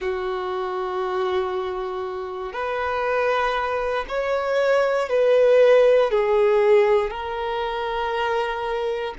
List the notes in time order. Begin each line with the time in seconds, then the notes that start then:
0.00 F#4
2.52 B4
4.08 C#5
5.09 B4
6.10 G#4
7.10 A#4